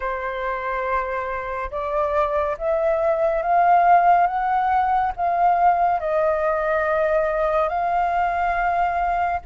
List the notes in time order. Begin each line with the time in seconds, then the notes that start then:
0.00 C5
1.71 D5
2.58 E5
3.42 F5
4.26 F#5
5.16 F5
6.00 D#5
7.68 F5